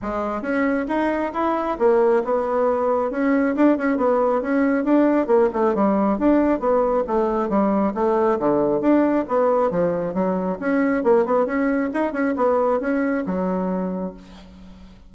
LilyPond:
\new Staff \with { instrumentName = "bassoon" } { \time 4/4 \tempo 4 = 136 gis4 cis'4 dis'4 e'4 | ais4 b2 cis'4 | d'8 cis'8 b4 cis'4 d'4 | ais8 a8 g4 d'4 b4 |
a4 g4 a4 d4 | d'4 b4 f4 fis4 | cis'4 ais8 b8 cis'4 dis'8 cis'8 | b4 cis'4 fis2 | }